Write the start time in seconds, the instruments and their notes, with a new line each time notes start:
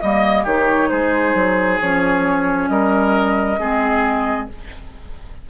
0.00 bassoon G3, clarinet A#3, flute D#5, oboe D#5
0.43 bassoon D#3, clarinet D#4, oboe G4, flute C#5
0.89 bassoon G#3, oboe G#4, flute C5
1.34 bassoon F#3
1.80 bassoon F3, clarinet C#4, flute C#5
2.68 bassoon G3, oboe A#4, flute D#5
3.59 bassoon G#3, clarinet C4, oboe G#4